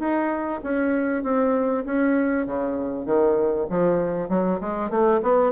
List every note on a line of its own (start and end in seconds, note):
0.00 0.61 D#4
0.64 1.24 C#4
1.24 1.85 C4
1.86 2.47 C#4
2.47 3.06 C#3
3.06 3.67 D#3
3.70 4.29 F3
4.29 4.60 F#3
4.61 4.91 G#3
4.91 5.21 A3
5.23 5.53 B3